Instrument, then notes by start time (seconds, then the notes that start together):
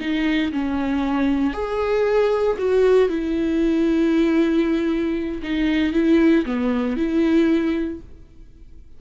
viola
0.00 D#4
0.52 C#4
1.53 G#4
2.58 F#4
3.09 E4
5.42 D#4
5.93 E4
6.45 B3
6.96 E4